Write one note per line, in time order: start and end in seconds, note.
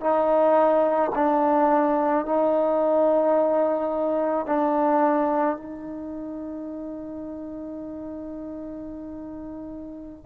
0.00 1.11 D#4
1.15 2.25 D4
2.25 4.46 D#4
4.46 5.57 D4
5.57 10.25 D#4